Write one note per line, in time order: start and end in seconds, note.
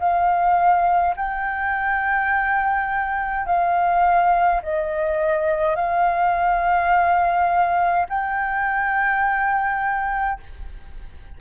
0.00 1.15 F5
1.16 3.46 G5
3.46 4.62 F5
4.63 5.76 D#5
5.76 8.07 F5
8.09 10.40 G5